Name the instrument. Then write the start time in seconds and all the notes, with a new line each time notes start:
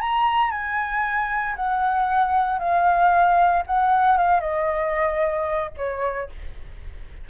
flute
0.00 A#5
0.51 G#5
1.56 F#5
2.58 F5
3.66 F#5
4.17 F5
4.40 D#5
5.77 C#5